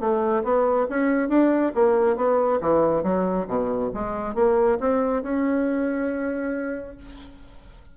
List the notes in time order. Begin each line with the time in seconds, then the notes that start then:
0.00 A3
0.44 B3
0.90 C#4
1.29 D4
1.75 A#3
2.17 B3
2.61 E3
3.04 F#3
3.48 B2
3.94 G#3
4.35 A#3
4.80 C4
5.23 C#4